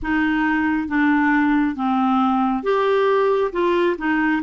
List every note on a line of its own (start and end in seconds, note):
0.02 0.87 D#4
0.87 1.75 D4
1.75 2.63 C4
2.63 3.51 G4
3.52 3.96 F4
3.98 4.42 D#4